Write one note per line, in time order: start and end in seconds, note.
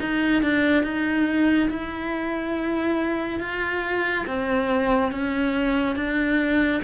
0.00 0.42 D#4
0.42 0.83 D4
0.83 1.69 D#4
1.70 3.40 E4
3.40 4.25 F4
4.27 5.12 C4
5.12 5.96 C#4
5.96 6.81 D4